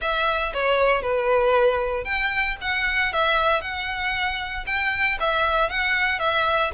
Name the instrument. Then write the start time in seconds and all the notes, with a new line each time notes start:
violin
0.01 E5
0.53 C#5
1.02 B4
2.04 G5
2.61 F#5
3.12 E5
3.61 F#5
4.66 G5
5.20 E5
5.69 F#5
6.19 E5